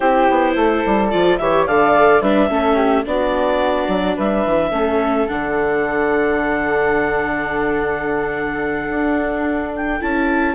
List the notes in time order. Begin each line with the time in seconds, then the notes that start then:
0.00 C4 E4 G4 C5
0.29 B3
0.55 A3 A4
0.85 G3
1.10 F3 F4 D5
1.37 E3 G4 C#5 E5
1.66 D3 A4 D5 F5
2.21 G3 D4 B4 E5
2.48 A3 C#4 A4
2.75 G4
3.04 B3 D4 F#4 D5
3.88 F#3
4.15 G3 B4 E5
4.45 E3
4.70 A3 C#4 A4
5.28 D3 D4 F#5
8.89 D4
9.75 G5
10.00 C#4 E4 A5